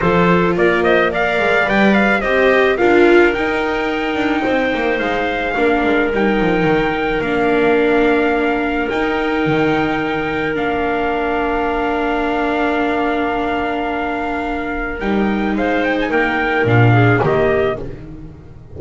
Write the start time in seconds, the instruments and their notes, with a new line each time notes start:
0.00 double bass F3, viola F4, clarinet A4, trumpet C5
0.56 double bass A#3, clarinet A#4, trumpet D5
0.83 clarinet C5, trumpet D#5
1.11 viola A#4, clarinet D5, trumpet F5
1.38 double bass G#3
1.63 double bass G3, viola B4, trumpet G5
1.93 trumpet F5
2.21 double bass C4, viola G4, clarinet C5, trumpet D#5
2.77 double bass D4, viola F4, clarinet A#4, trumpet F5
3.33 viola D#4, double bass D#4, trumpet G5
4.15 double bass D4
4.42 double bass C4, clarinet C5
4.74 double bass A#3
4.99 double bass G#3, trumpet F5
5.55 double bass A#3, viola D4, clarinet A#4
5.84 double bass G#3
6.12 double bass G3, viola D#4, trumpet G5
6.40 double bass F3
6.64 double bass D#3
7.20 double bass A#3, viola D4, trumpet F5
8.89 viola D#4, double bass D#4, trumpet G5
9.46 double bass D#3
10.54 double bass A#3, viola D4, trumpet F5
14.99 double bass G3, viola D#4, trumpet G5
15.55 double bass G#3, clarinet C5, trumpet F5
15.84 trumpet G5
16.00 trumpet G#5
16.09 double bass A#3, clarinet A#4, trumpet G5
16.64 double bass A#2, viola D4, trumpet F5
16.92 clarinet G#4
17.21 double bass D#3, viola A#3, clarinet G4, trumpet D#5